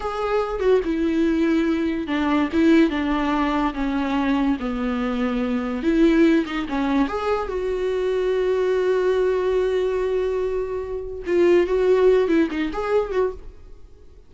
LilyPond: \new Staff \with { instrumentName = "viola" } { \time 4/4 \tempo 4 = 144 gis'4. fis'8 e'2~ | e'4 d'4 e'4 d'4~ | d'4 cis'2 b4~ | b2 e'4. dis'8 |
cis'4 gis'4 fis'2~ | fis'1~ | fis'2. f'4 | fis'4. e'8 dis'8 gis'4 fis'8 | }